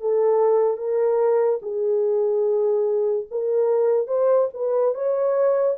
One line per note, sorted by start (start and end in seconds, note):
0.00 0.77 A4
0.77 1.59 A#4
1.62 3.26 G#4
3.31 4.07 A#4
4.07 4.48 C5
4.53 4.94 B4
4.94 5.76 C#5